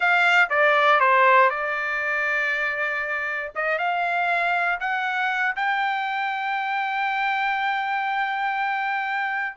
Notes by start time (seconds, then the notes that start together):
0.00 F5
0.49 D5
1.00 C5
1.50 D5
3.55 D#5
3.78 F5
4.79 F#5
5.56 G5